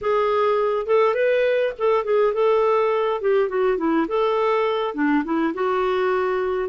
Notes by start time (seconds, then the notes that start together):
0.01 G#4
0.86 A4
1.14 B4
1.78 A4
2.04 G#4
2.33 A4
3.21 G4
3.48 F#4
3.77 E4
4.08 A4
4.94 D4
5.24 E4
5.53 F#4